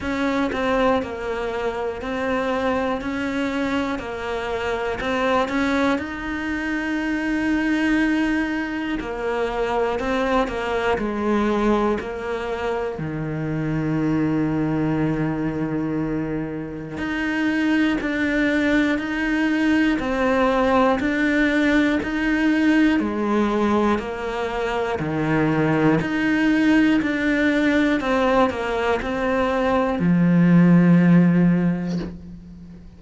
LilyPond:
\new Staff \with { instrumentName = "cello" } { \time 4/4 \tempo 4 = 60 cis'8 c'8 ais4 c'4 cis'4 | ais4 c'8 cis'8 dis'2~ | dis'4 ais4 c'8 ais8 gis4 | ais4 dis2.~ |
dis4 dis'4 d'4 dis'4 | c'4 d'4 dis'4 gis4 | ais4 dis4 dis'4 d'4 | c'8 ais8 c'4 f2 | }